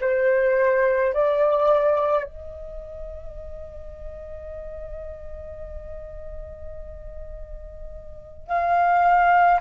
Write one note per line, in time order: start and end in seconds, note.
0.00 1.13 C5
1.13 2.24 D5
2.24 8.47 D#5
8.47 9.60 F5